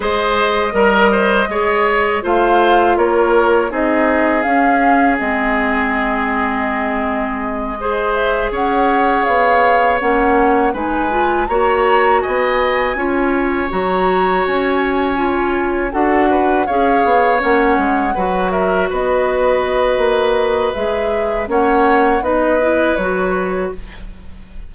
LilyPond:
<<
  \new Staff \with { instrumentName = "flute" } { \time 4/4 \tempo 4 = 81 dis''2. f''4 | cis''4 dis''4 f''4 dis''4~ | dis''2. e''8 fis''8~ | fis''8 f''4 fis''4 gis''4 ais''8~ |
ais''8 gis''2 ais''4 gis''8~ | gis''4. fis''4 f''4 fis''8~ | fis''4 e''8 dis''2~ dis''8 | e''4 fis''4 dis''4 cis''4 | }
  \new Staff \with { instrumentName = "oboe" } { \time 4/4 c''4 ais'8 c''8 cis''4 c''4 | ais'4 gis'2.~ | gis'2~ gis'8 c''4 cis''8~ | cis''2~ cis''8 b'4 cis''8~ |
cis''8 dis''4 cis''2~ cis''8~ | cis''4. a'8 b'8 cis''4.~ | cis''8 b'8 ais'8 b'2~ b'8~ | b'4 cis''4 b'2 | }
  \new Staff \with { instrumentName = "clarinet" } { \time 4/4 gis'4 ais'4 gis'4 f'4~ | f'4 dis'4 cis'4 c'4~ | c'2~ c'8 gis'4.~ | gis'4. cis'4 dis'8 f'8 fis'8~ |
fis'4. f'4 fis'4.~ | fis'8 f'4 fis'4 gis'4 cis'8~ | cis'8 fis'2.~ fis'8 | gis'4 cis'4 dis'8 e'8 fis'4 | }
  \new Staff \with { instrumentName = "bassoon" } { \time 4/4 gis4 g4 gis4 a4 | ais4 c'4 cis'4 gis4~ | gis2.~ gis8 cis'8~ | cis'8 b4 ais4 gis4 ais8~ |
ais8 b4 cis'4 fis4 cis'8~ | cis'4. d'4 cis'8 b8 ais8 | gis8 fis4 b4. ais4 | gis4 ais4 b4 fis4 | }
>>